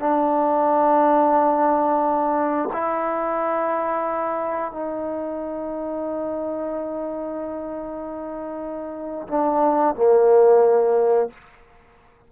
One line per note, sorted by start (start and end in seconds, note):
0.00 2.70 D4
2.73 4.73 E4
4.73 9.28 D#4
9.28 9.95 D4
9.95 11.30 A#3